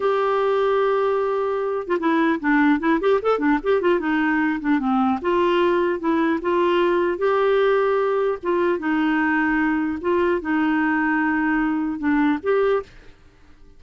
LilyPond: \new Staff \with { instrumentName = "clarinet" } { \time 4/4 \tempo 4 = 150 g'1~ | g'8. f'16 e'4 d'4 e'8 g'8 | a'8 d'8 g'8 f'8 dis'4. d'8 | c'4 f'2 e'4 |
f'2 g'2~ | g'4 f'4 dis'2~ | dis'4 f'4 dis'2~ | dis'2 d'4 g'4 | }